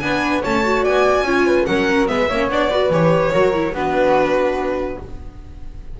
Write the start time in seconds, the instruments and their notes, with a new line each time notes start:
0.00 double bass B3, viola D4, flute B4, violin G#5
0.42 double bass A3, viola C#4, flute C#5, violin A5
0.63 viola F#4
0.83 double bass B3, flute D5, violin G#5
1.22 double bass C#4, viola F4, flute C#5
1.46 flute B4
1.66 double bass F#3, viola C#4, flute A#4, violin F#5
2.06 double bass G#3, viola B3, flute B4, violin E5
2.29 double bass A#3, viola C#4, flute C#5
2.48 double bass B3, viola D4, violin D5
2.70 viola F#4, flute B4
2.90 double bass E3, viola G4, violin C#5
3.32 double bass F#3, viola F#4, flute A#4
3.53 viola E4
3.72 double bass B3, viola D4, flute F#4, violin B4